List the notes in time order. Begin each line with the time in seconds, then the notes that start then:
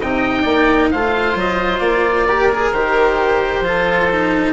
0.00 C3 D#4 D#5 G5
0.42 A#3 D5
0.91 A3 F4 C5 F5
1.35 F#3 D#5
1.79 A#3 D5
2.27 G4 A#4
2.52 G#4
2.72 D#3 G4 C5
3.61 F3 F4
3.68 A4
4.10 D#4